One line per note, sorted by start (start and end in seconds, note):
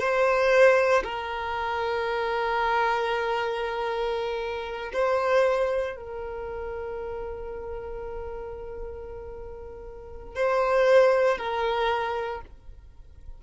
0.00 1.03 C5
1.04 4.92 A#4
4.93 5.96 C5
5.96 10.36 A#4
10.36 11.38 C5
11.38 12.42 A#4